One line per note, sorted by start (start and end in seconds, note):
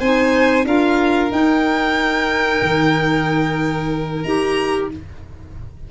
0.00 0.65 C4
0.00 0.66 D#4
0.00 0.65 C5
0.00 0.66 G#5
0.65 1.31 D4
0.65 1.31 F4
0.65 4.91 A#4
0.65 1.32 F5
1.31 4.24 D#4
1.31 2.62 D#4
1.31 4.23 G5
2.62 4.25 D#3
4.23 4.90 D#4
4.23 4.92 G4
4.23 4.88 A#5